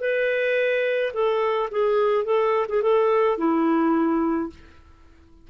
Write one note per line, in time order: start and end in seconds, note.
0.00 1.12 B4
1.13 1.69 A4
1.71 2.24 G#4
2.24 2.66 A4
2.68 2.82 G#4
2.82 3.37 A4
3.37 4.49 E4